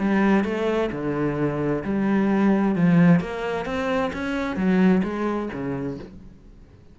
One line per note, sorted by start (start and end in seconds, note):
0.00 0.45 G3
0.45 0.90 A3
0.92 1.84 D3
1.84 2.76 G3
2.76 3.20 F3
3.20 3.66 A#3
3.66 4.12 C4
4.13 4.57 C#4
4.57 5.02 F#3
5.04 5.50 G#3
5.53 5.99 C#3